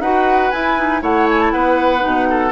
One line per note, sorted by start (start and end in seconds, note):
0.00 0.50 D#4
0.00 0.53 F#4
0.00 1.03 B4
0.00 0.51 F#5
0.51 0.78 E4
0.51 1.03 E4
0.51 1.02 G#5
0.78 1.01 D#4
1.01 1.53 A3
1.01 1.99 E4
1.01 1.53 C#5
1.01 1.28 F#5
1.30 1.41 G#5
1.41 1.52 A5
1.52 2.04 B3
1.52 2.29 B4
1.52 2.52 F#5
1.99 2.53 B2
1.99 2.50 D#4
2.30 2.53 A4